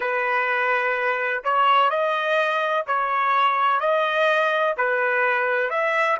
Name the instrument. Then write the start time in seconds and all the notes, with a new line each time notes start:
trumpet
0.00 B4
1.44 C#5
1.90 D#5
2.87 C#5
3.80 D#5
4.77 B4
5.69 E5